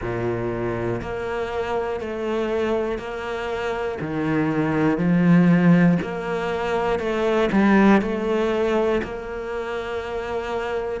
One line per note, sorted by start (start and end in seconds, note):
0.00 1.00 A#2
1.01 2.00 A#3
2.00 2.98 A3
2.98 3.98 A#3
4.00 4.98 D#3
4.98 5.98 F3
6.02 6.99 A#3
6.99 7.49 A3
7.51 8.01 G3
8.01 9.01 A3
9.03 11.00 A#3